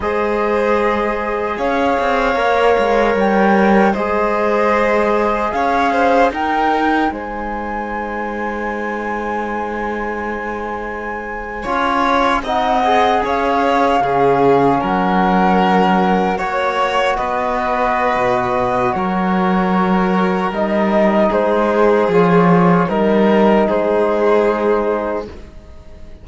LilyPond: <<
  \new Staff \with { instrumentName = "flute" } { \time 4/4 \tempo 4 = 76 dis''2 f''2 | g''4 dis''2 f''4 | g''4 gis''2.~ | gis''2.~ gis''8. fis''16~ |
fis''8. f''2 fis''4~ fis''16~ | fis''8. cis''4 dis''2~ dis''16 | cis''2 dis''4 c''4 | cis''4 ais'4 c''2 | }
  \new Staff \with { instrumentName = "violin" } { \time 4/4 c''2 cis''2~ | cis''4 c''2 cis''8 c''8 | ais'4 c''2.~ | c''2~ c''8. cis''4 dis''16~ |
dis''8. cis''4 gis'4 ais'4~ ais'16~ | ais'8. cis''4 b'2~ b'16 | ais'2. gis'4~ | gis'4 ais'4 gis'2 | }
  \new Staff \with { instrumentName = "trombone" } { \time 4/4 gis'2. ais'4~ | ais'4 gis'2. | dis'1~ | dis'2~ dis'8. f'4 dis'16~ |
dis'16 gis'4. cis'2~ cis'16~ | cis'8. fis'2.~ fis'16~ | fis'2 dis'2 | f'4 dis'2. | }
  \new Staff \with { instrumentName = "cello" } { \time 4/4 gis2 cis'8 c'8 ais8 gis8 | g4 gis2 cis'4 | dis'4 gis2.~ | gis2~ gis8. cis'4 c'16~ |
c'8. cis'4 cis4 fis4~ fis16~ | fis8. ais4 b4~ b16 b,4 | fis2 g4 gis4 | f4 g4 gis2 | }
>>